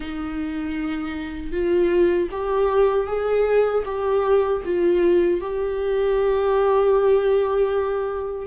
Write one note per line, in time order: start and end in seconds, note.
0.00 1.52 D#4
1.52 2.29 F4
2.31 3.06 G4
3.06 3.83 G#4
3.85 4.62 G4
4.64 5.40 F4
5.40 8.46 G4